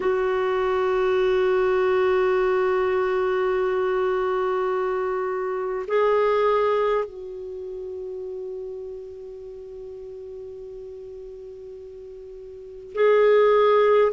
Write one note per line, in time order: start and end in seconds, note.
0.00 5.86 F#4
5.87 7.04 G#4
7.04 12.93 F#4
12.94 14.12 G#4